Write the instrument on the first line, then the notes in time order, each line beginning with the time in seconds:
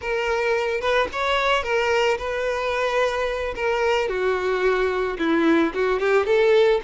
violin
0.01 A#4
0.80 B4
1.12 C#5
1.63 A#4
2.17 B4
3.55 A#4
4.08 F#4
5.18 E4
5.74 F#4
5.99 G4
6.26 A4